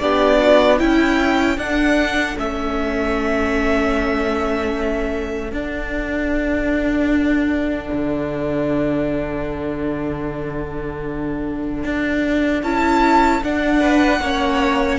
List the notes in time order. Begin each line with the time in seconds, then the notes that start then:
0.00 B3 D4 G4 D5
0.41 F#4
0.79 C#4 E4 G5
1.58 D4 A4 F#5
2.37 A3 C#4 E5
5.52 D4 F#5
7.93 D3
11.84 D4
12.64 C#4 E4 A5
13.43 D4 F#5
13.81 B4
14.20 A#3 C#4 C#5